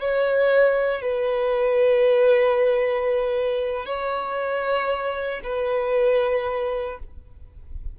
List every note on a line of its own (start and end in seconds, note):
0.00 1.02 C#5
1.02 3.86 B4
3.86 5.41 C#5
5.44 6.99 B4